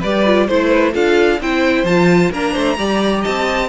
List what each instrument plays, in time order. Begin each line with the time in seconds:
0.00 cello G3, viola G4, violin B4 D5
0.25 viola F4
0.46 cello A3, viola E4, violin C5
0.69 violin B4
0.93 cello D4, viola F4, violin A4 F5
1.40 cello C4, viola E4, violin C5 G5
1.83 cello F3, viola F4, violin A5
2.31 cello A#3, viola D4, violin A#4 A#5
2.53 cello A3, violin C5
2.77 cello G3, viola G4, violin D5
3.21 cello C4, violin D#5 A5